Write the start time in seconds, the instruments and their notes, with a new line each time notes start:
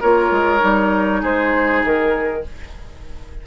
0.00 bassoon A#3, clarinet F4, oboe A#4, flute C#5
0.30 bassoon G#3
0.59 bassoon G3, clarinet D#4
1.21 bassoon G#3, oboe G#4, flute C5
1.84 bassoon D#3, flute A#4